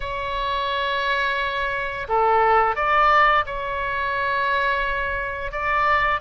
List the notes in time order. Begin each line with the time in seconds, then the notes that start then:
0.00 C#5
2.08 A4
2.75 D5
3.46 C#5
5.51 D5